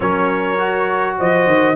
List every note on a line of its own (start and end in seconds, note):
0.00 1.19 F#3
0.00 0.58 C#4
0.00 1.17 A#4
0.00 1.17 C#5
0.58 1.75 F#4
1.18 1.47 F3
1.18 1.75 C5
1.18 1.75 D#5
1.47 1.75 D#3